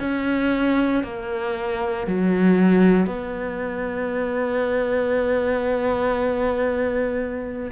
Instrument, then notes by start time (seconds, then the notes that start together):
cello
0.00 C#4
1.03 A#3
2.07 F#3
3.06 B3